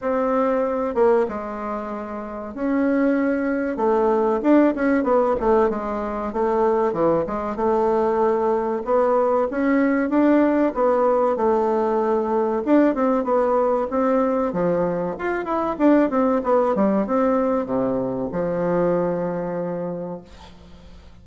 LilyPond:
\new Staff \with { instrumentName = "bassoon" } { \time 4/4 \tempo 4 = 95 c'4. ais8 gis2 | cis'2 a4 d'8 cis'8 | b8 a8 gis4 a4 e8 gis8 | a2 b4 cis'4 |
d'4 b4 a2 | d'8 c'8 b4 c'4 f4 | f'8 e'8 d'8 c'8 b8 g8 c'4 | c4 f2. | }